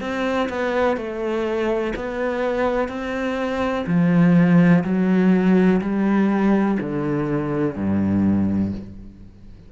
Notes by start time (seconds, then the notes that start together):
0.00 C4
0.49 B3
0.97 A3
1.95 B3
2.88 C4
3.87 F3
4.84 F#3
5.81 G3
6.80 D3
7.75 G2